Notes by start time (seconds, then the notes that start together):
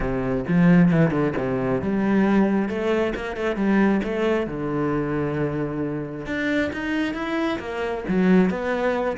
0.00 C3
0.48 F3
0.91 E3
1.11 D3
1.37 C3
1.81 G3
2.68 A3
3.15 A#3
3.36 A3
3.56 G3
4.03 A3
4.47 D3
6.25 D4
6.72 D#4
7.14 E4
7.59 A#3
8.08 F#3
8.50 B3